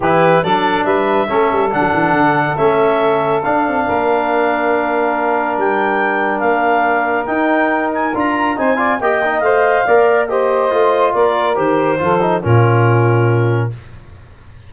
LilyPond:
<<
  \new Staff \with { instrumentName = "clarinet" } { \time 4/4 \tempo 4 = 140 b'4 d''4 e''2 | fis''2 e''2 | f''1~ | f''4 g''2 f''4~ |
f''4 g''4. gis''8 ais''4 | gis''4 g''4 f''2 | dis''2 d''4 c''4~ | c''4 ais'2. | }
  \new Staff \with { instrumentName = "saxophone" } { \time 4/4 g'4 a'4 b'4 a'4~ | a'1~ | a'4 ais'2.~ | ais'1~ |
ais'1 | c''8 d''8 dis''2 d''4 | c''2 ais'2 | a'4 f'2. | }
  \new Staff \with { instrumentName = "trombone" } { \time 4/4 e'4 d'2 cis'4 | d'2 cis'2 | d'1~ | d'1~ |
d'4 dis'2 f'4 | dis'8 f'8 g'8 dis'8 c''4 ais'4 | g'4 f'2 g'4 | f'8 dis'8 cis'2. | }
  \new Staff \with { instrumentName = "tuba" } { \time 4/4 e4 fis4 g4 a8 g8 | d16 fis16 e8 d4 a2 | d'8 c'8 ais2.~ | ais4 g2 ais4~ |
ais4 dis'2 d'4 | c'4 ais4 a4 ais4~ | ais4 a4 ais4 dis4 | f4 ais,2. | }
>>